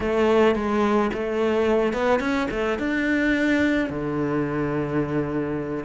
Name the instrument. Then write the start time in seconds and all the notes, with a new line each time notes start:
cello
0.00 A3
0.55 G#3
1.13 A3
1.93 B3
2.19 C#4
2.51 A3
2.78 D4
3.89 D3